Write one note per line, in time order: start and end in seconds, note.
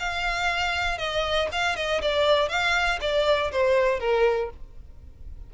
0.00 0.99 F5
0.99 1.49 D#5
1.52 1.76 F5
1.76 2.01 D#5
2.02 2.49 D5
2.49 3.00 F5
3.01 3.52 D5
3.52 4.00 C5
4.00 4.50 A#4